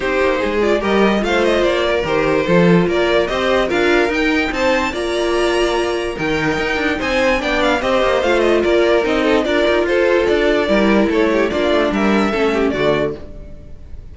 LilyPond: <<
  \new Staff \with { instrumentName = "violin" } { \time 4/4 \tempo 4 = 146 c''4. d''8 dis''4 f''8 dis''8 | d''4 c''2 d''4 | dis''4 f''4 g''4 a''4 | ais''2. g''4~ |
g''4 gis''4 g''8 f''8 dis''4 | f''8 dis''8 d''4 dis''4 d''4 | c''4 d''2 cis''4 | d''4 e''2 d''4 | }
  \new Staff \with { instrumentName = "violin" } { \time 4/4 g'4 gis'4 ais'4 c''4~ | c''8 ais'4. a'4 ais'4 | c''4 ais'2 c''4 | d''2. ais'4~ |
ais'4 c''4 d''4 c''4~ | c''4 ais'4. a'8 ais'4 | a'2 ais'4 a'8 g'8 | f'4 ais'4 a'8 g'8 fis'4 | }
  \new Staff \with { instrumentName = "viola" } { \time 4/4 dis'4. f'8 g'4 f'4~ | f'4 g'4 f'2 | g'4 f'4 dis'2 | f'2. dis'4~ |
dis'2 d'4 g'4 | f'2 dis'4 f'4~ | f'2 e'2 | d'2 cis'4 a4 | }
  \new Staff \with { instrumentName = "cello" } { \time 4/4 c'8 ais8 gis4 g4 a4 | ais4 dis4 f4 ais4 | c'4 d'4 dis'4 c'4 | ais2. dis4 |
dis'8 d'8 c'4 b4 c'8 ais8 | a4 ais4 c'4 d'8 dis'8 | f'4 d'4 g4 a4 | ais8 a8 g4 a4 d4 | }
>>